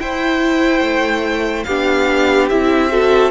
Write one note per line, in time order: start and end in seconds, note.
0.00 0.81 E4
0.00 1.67 E4
0.00 1.66 C5
0.00 1.64 G5
0.81 1.64 A3
1.64 2.51 B3
1.64 2.51 D4
1.64 2.91 G4
1.64 2.47 F5
2.49 3.31 C4
2.49 2.89 E4
2.49 3.31 E5
2.89 3.31 F#4
2.89 3.31 A4